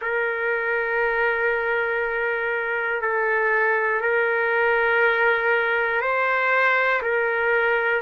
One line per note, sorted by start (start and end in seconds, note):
0.01 3.01 A#4
3.01 4.00 A4
4.00 6.00 A#4
6.01 7.01 C5
7.02 8.02 A#4